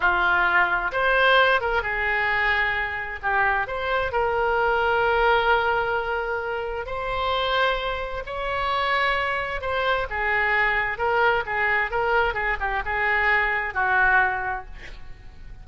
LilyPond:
\new Staff \with { instrumentName = "oboe" } { \time 4/4 \tempo 4 = 131 f'2 c''4. ais'8 | gis'2. g'4 | c''4 ais'2.~ | ais'2. c''4~ |
c''2 cis''2~ | cis''4 c''4 gis'2 | ais'4 gis'4 ais'4 gis'8 g'8 | gis'2 fis'2 | }